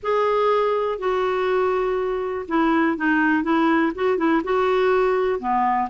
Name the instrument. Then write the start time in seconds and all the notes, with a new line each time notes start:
clarinet
0.02 G#4
0.98 F#4
2.48 E4
2.97 D#4
3.43 E4
3.95 F#4
4.17 E4
4.44 F#4
5.39 B3